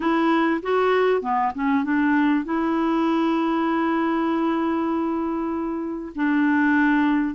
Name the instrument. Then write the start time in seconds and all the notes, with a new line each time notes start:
clarinet
0.00 E4
0.62 F#4
1.21 B3
1.54 C#4
1.84 D4
2.45 E4
6.15 D4